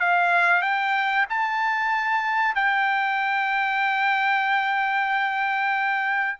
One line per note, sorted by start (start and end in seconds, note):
0.00 0.62 F5
0.62 1.26 G5
1.30 2.55 A5
2.55 6.38 G5